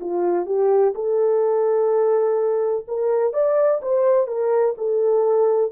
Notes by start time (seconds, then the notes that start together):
0.00 F4
0.45 G4
0.95 A4
2.87 A#4
3.33 D5
3.82 C5
4.27 A#4
4.77 A4